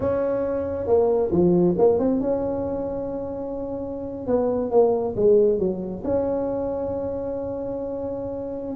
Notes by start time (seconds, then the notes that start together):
0.00 C#4
0.86 A#3
1.31 F3
1.78 A#3
1.98 C4
2.20 C#4
4.26 B3
4.70 A#3
5.16 G#3
5.58 F#3
6.04 C#4